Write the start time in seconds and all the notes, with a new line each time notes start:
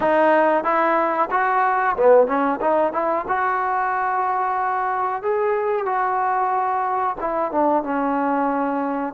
0.00 D#4
0.63 E4
1.30 F#4
1.97 B3
2.27 C#4
2.61 D#4
2.92 E4
3.28 F#4
5.22 G#4
5.85 F#4
7.20 E4
7.51 D4
7.83 C#4